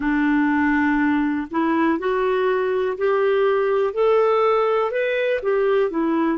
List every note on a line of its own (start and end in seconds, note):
0.00 1.47 D4
1.50 1.99 E4
1.99 2.97 F#4
2.97 3.93 G4
3.93 4.91 A4
4.91 5.40 B4
5.42 5.90 G4
5.90 6.38 E4